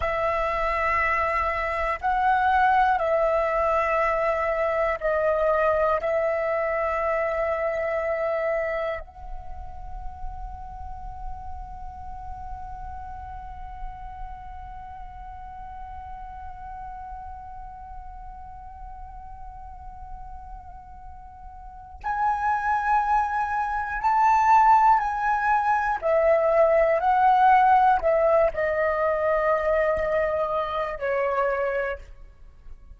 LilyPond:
\new Staff \with { instrumentName = "flute" } { \time 4/4 \tempo 4 = 60 e''2 fis''4 e''4~ | e''4 dis''4 e''2~ | e''4 fis''2.~ | fis''1~ |
fis''1~ | fis''2 gis''2 | a''4 gis''4 e''4 fis''4 | e''8 dis''2~ dis''8 cis''4 | }